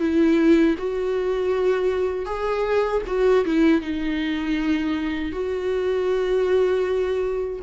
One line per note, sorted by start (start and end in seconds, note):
0.00 0.76 E4
0.78 2.26 F#4
2.26 3.02 G#4
3.07 3.45 F#4
3.46 3.81 E4
3.81 5.32 D#4
5.32 7.60 F#4